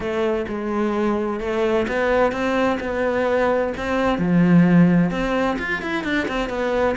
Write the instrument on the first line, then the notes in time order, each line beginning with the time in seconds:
cello
0.00 A3
0.48 G#3
1.40 A3
1.88 B3
2.32 C4
2.80 B3
3.77 C4
4.18 F3
5.10 C4
5.59 F4
5.81 E4
6.04 D4
6.28 C4
6.49 B3